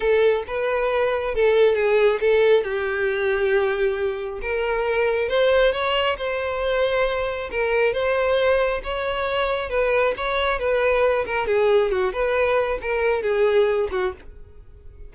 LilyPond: \new Staff \with { instrumentName = "violin" } { \time 4/4 \tempo 4 = 136 a'4 b'2 a'4 | gis'4 a'4 g'2~ | g'2 ais'2 | c''4 cis''4 c''2~ |
c''4 ais'4 c''2 | cis''2 b'4 cis''4 | b'4. ais'8 gis'4 fis'8 b'8~ | b'4 ais'4 gis'4. fis'8 | }